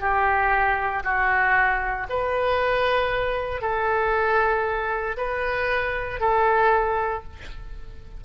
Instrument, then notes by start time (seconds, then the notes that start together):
oboe
0.00 G4
1.04 F#4
2.10 B4
3.62 A4
5.17 B4
6.21 A4